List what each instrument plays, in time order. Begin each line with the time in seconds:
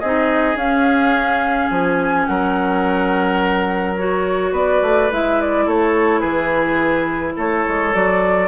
0.00 bassoon C4, clarinet D#4, oboe G#4, flute D#5
0.55 bassoon C#4, clarinet C#4, flute F5
1.70 bassoon F3, flute G#5
2.26 bassoon F#3, oboe A#4, flute F#5
3.97 clarinet F#4, flute C#5
4.52 bassoon B3, oboe B4, flute D5
4.82 bassoon A3
5.11 bassoon G#3, clarinet E4, flute E5
5.41 flute D5
5.66 bassoon A3, oboe A4, flute C#5
6.20 bassoon E3, oboe G#4, flute B4
7.36 bassoon A3, oboe A4, flute C#5
7.67 bassoon G#3
7.93 bassoon F#3, clarinet F#4, flute D5